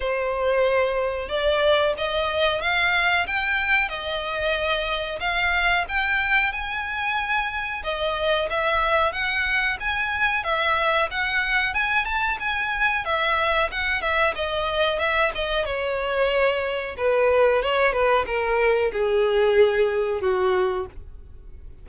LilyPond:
\new Staff \with { instrumentName = "violin" } { \time 4/4 \tempo 4 = 92 c''2 d''4 dis''4 | f''4 g''4 dis''2 | f''4 g''4 gis''2 | dis''4 e''4 fis''4 gis''4 |
e''4 fis''4 gis''8 a''8 gis''4 | e''4 fis''8 e''8 dis''4 e''8 dis''8 | cis''2 b'4 cis''8 b'8 | ais'4 gis'2 fis'4 | }